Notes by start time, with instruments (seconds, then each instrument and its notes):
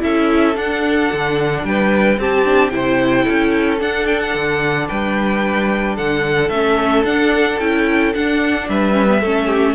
0.00 cello C#4, viola E4, violin A4 E5
0.56 viola D4, cello D4, violin F#5
1.13 cello D3
1.64 cello G3, violin B4 G5
2.18 cello C4, viola C4, violin G4 A5
2.45 viola D4
2.70 cello C3, viola E4, violin C5 G5
3.24 cello C#4, violin A4
3.79 viola D4, cello D4, violin F#5
4.07 violin G5
4.20 violin F#5
4.35 cello D3
4.88 cello G3, violin B4 G5
5.96 cello D3, violin A4 F#5
6.49 cello A3, viola C#4, violin E5
7.05 cello D4, viola D4, violin F#5
7.59 cello C#4, viola E4, violin G5
8.15 viola D4, cello D4, violin F#5
8.69 cello G3, violin B4 E5
8.93 viola C#4
9.08 viola B3
9.21 cello A3, viola C#4, violin A4
9.47 violin G4